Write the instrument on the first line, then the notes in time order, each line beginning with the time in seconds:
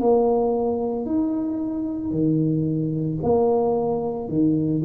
tuba
0.00 A#3
1.06 D#4
2.11 D#3
3.22 A#3
4.29 D#3